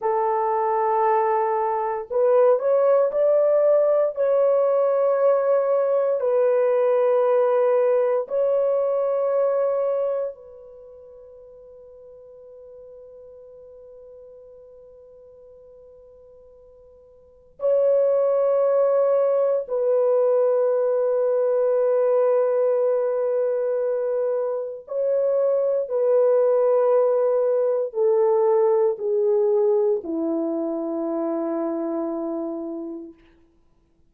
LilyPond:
\new Staff \with { instrumentName = "horn" } { \time 4/4 \tempo 4 = 58 a'2 b'8 cis''8 d''4 | cis''2 b'2 | cis''2 b'2~ | b'1~ |
b'4 cis''2 b'4~ | b'1 | cis''4 b'2 a'4 | gis'4 e'2. | }